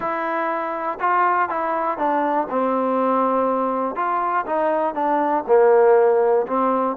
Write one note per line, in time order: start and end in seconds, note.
0.00 0.98 E4
0.99 1.49 F4
1.49 1.98 E4
1.98 2.47 D4
2.49 3.95 C4
3.95 4.45 F4
4.46 4.94 D#4
4.94 5.44 D4
5.47 6.46 A#3
6.46 6.96 C4